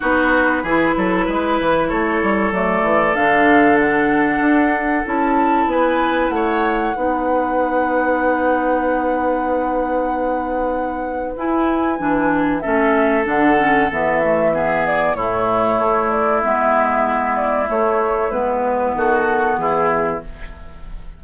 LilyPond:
<<
  \new Staff \with { instrumentName = "flute" } { \time 4/4 \tempo 4 = 95 b'2. cis''4 | d''4 f''4 fis''2 | a''4 gis''4 fis''2~ | fis''1~ |
fis''2 gis''2 | e''4 fis''4 e''4. d''8 | cis''4. d''8 e''4. d''8 | cis''4 b'4 a'4 gis'4 | }
  \new Staff \with { instrumentName = "oboe" } { \time 4/4 fis'4 gis'8 a'8 b'4 a'4~ | a'1~ | a'4 b'4 cis''4 b'4~ | b'1~ |
b'1 | a'2. gis'4 | e'1~ | e'2 fis'4 e'4 | }
  \new Staff \with { instrumentName = "clarinet" } { \time 4/4 dis'4 e'2. | a4 d'2. | e'2. dis'4~ | dis'1~ |
dis'2 e'4 d'4 | cis'4 d'8 cis'8 b8 a8 b4 | a2 b2 | a4 b2. | }
  \new Staff \with { instrumentName = "bassoon" } { \time 4/4 b4 e8 fis8 gis8 e8 a8 g8 | fis8 e8 d2 d'4 | cis'4 b4 a4 b4~ | b1~ |
b2 e'4 e4 | a4 d4 e2 | a,4 a4 gis2 | a4 gis4 dis4 e4 | }
>>